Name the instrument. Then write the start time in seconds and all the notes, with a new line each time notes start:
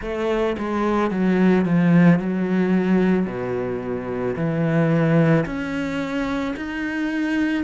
cello
0.01 A3
0.58 G#3
1.11 F#3
1.65 F3
2.19 F#3
3.26 B2
4.36 E3
5.45 C#4
6.56 D#4